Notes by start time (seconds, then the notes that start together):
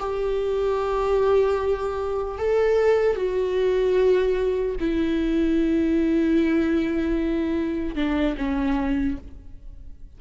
0.00 G4
2.39 A4
3.16 F#4
4.80 E4
7.96 D4
8.38 C#4